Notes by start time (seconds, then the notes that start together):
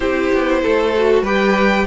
0.00 C4 E4 G4 C5
0.33 B3
0.62 A3 A4
0.96 F#4
1.21 G3 G4 B4 G5